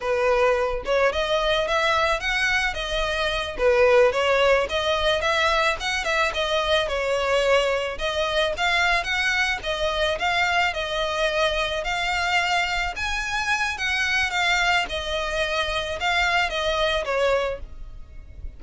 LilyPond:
\new Staff \with { instrumentName = "violin" } { \time 4/4 \tempo 4 = 109 b'4. cis''8 dis''4 e''4 | fis''4 dis''4. b'4 cis''8~ | cis''8 dis''4 e''4 fis''8 e''8 dis''8~ | dis''8 cis''2 dis''4 f''8~ |
f''8 fis''4 dis''4 f''4 dis''8~ | dis''4. f''2 gis''8~ | gis''4 fis''4 f''4 dis''4~ | dis''4 f''4 dis''4 cis''4 | }